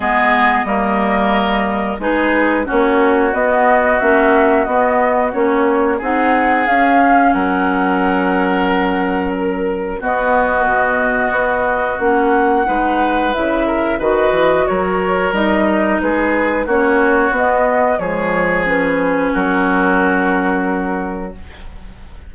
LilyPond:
<<
  \new Staff \with { instrumentName = "flute" } { \time 4/4 \tempo 4 = 90 dis''2. b'4 | cis''4 dis''4 e''4 dis''4 | cis''4 fis''4 f''4 fis''4~ | fis''2 ais'4 dis''4~ |
dis''2 fis''2 | e''4 dis''4 cis''4 dis''4 | b'4 cis''4 dis''4 cis''4 | b'4 ais'2. | }
  \new Staff \with { instrumentName = "oboe" } { \time 4/4 gis'4 ais'2 gis'4 | fis'1~ | fis'4 gis'2 ais'4~ | ais'2. fis'4~ |
fis'2. b'4~ | b'8 ais'8 b'4 ais'2 | gis'4 fis'2 gis'4~ | gis'4 fis'2. | }
  \new Staff \with { instrumentName = "clarinet" } { \time 4/4 b4 ais2 dis'4 | cis'4 b4 cis'4 b4 | cis'4 dis'4 cis'2~ | cis'2. b4~ |
b2 cis'4 dis'4 | e'4 fis'2 dis'4~ | dis'4 cis'4 b4 gis4 | cis'1 | }
  \new Staff \with { instrumentName = "bassoon" } { \time 4/4 gis4 g2 gis4 | ais4 b4 ais4 b4 | ais4 c'4 cis'4 fis4~ | fis2. b4 |
b,4 b4 ais4 gis4 | cis4 dis8 e8 fis4 g4 | gis4 ais4 b4 f4~ | f4 fis2. | }
>>